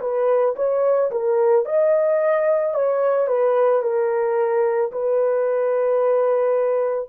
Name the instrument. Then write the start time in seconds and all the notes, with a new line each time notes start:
horn
0.00 B4
0.56 C#5
1.11 A#4
1.65 D#5
2.74 C#5
3.27 B4
3.82 A#4
4.91 B4